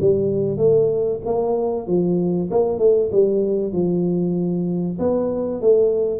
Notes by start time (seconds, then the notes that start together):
0.00 G3
0.57 A3
1.25 A#3
1.87 F3
2.50 A#3
2.78 A3
3.12 G3
3.72 F3
4.99 B3
5.61 A3